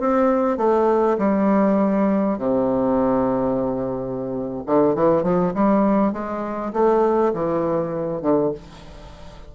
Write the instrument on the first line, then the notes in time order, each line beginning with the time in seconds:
bassoon
0.00 C4
0.58 A3
1.18 G3
2.39 C3
4.66 D3
4.95 E3
5.23 F3
5.54 G3
6.13 G#3
6.73 A3
7.34 E3
8.22 D3